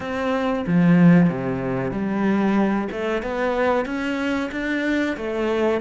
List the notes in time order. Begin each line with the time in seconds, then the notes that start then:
0.00 C4
0.66 F3
1.29 C3
1.91 G3
2.91 A3
3.22 B3
3.85 C#4
4.51 D4
5.16 A3